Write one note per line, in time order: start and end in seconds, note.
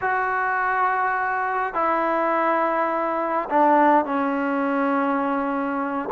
0.01 1.74 F#4
1.74 3.48 E4
3.49 4.05 D4
4.05 6.09 C#4